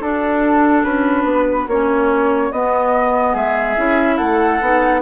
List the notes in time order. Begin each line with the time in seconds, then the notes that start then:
0.00 D4 F#4 A4
0.84 C#4 B4
1.24 B3
1.68 A#3 C#4 C#5
2.52 B3 D#5
3.32 G#3 G#4 E5
3.76 C#4 E4
4.17 A3 A4 F#5
4.61 B3 D#4